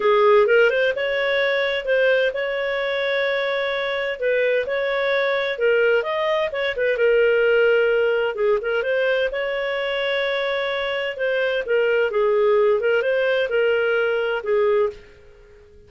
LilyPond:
\new Staff \with { instrumentName = "clarinet" } { \time 4/4 \tempo 4 = 129 gis'4 ais'8 c''8 cis''2 | c''4 cis''2.~ | cis''4 b'4 cis''2 | ais'4 dis''4 cis''8 b'8 ais'4~ |
ais'2 gis'8 ais'8 c''4 | cis''1 | c''4 ais'4 gis'4. ais'8 | c''4 ais'2 gis'4 | }